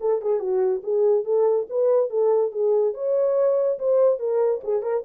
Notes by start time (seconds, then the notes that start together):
0.00 A4
0.22 G#4
0.39 F#4
0.83 G#4
1.24 A4
1.69 B4
2.10 A4
2.51 G#4
2.93 C#5
3.79 C5
4.19 A#4
4.63 G#4
4.82 A#4